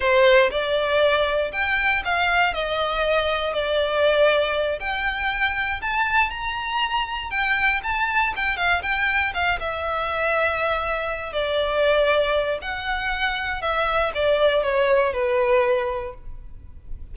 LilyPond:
\new Staff \with { instrumentName = "violin" } { \time 4/4 \tempo 4 = 119 c''4 d''2 g''4 | f''4 dis''2 d''4~ | d''4. g''2 a''8~ | a''8 ais''2 g''4 a''8~ |
a''8 g''8 f''8 g''4 f''8 e''4~ | e''2~ e''8 d''4.~ | d''4 fis''2 e''4 | d''4 cis''4 b'2 | }